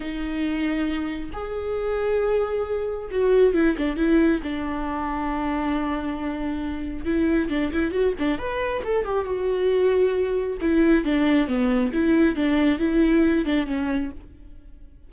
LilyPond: \new Staff \with { instrumentName = "viola" } { \time 4/4 \tempo 4 = 136 dis'2. gis'4~ | gis'2. fis'4 | e'8 d'8 e'4 d'2~ | d'1 |
e'4 d'8 e'8 fis'8 d'8 b'4 | a'8 g'8 fis'2. | e'4 d'4 b4 e'4 | d'4 e'4. d'8 cis'4 | }